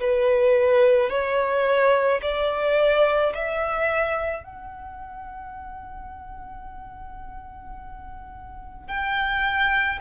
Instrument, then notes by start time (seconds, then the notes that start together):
violin
0.00 B4
1.10 C#5
2.22 D5
3.34 E5
4.44 F#5
8.88 G5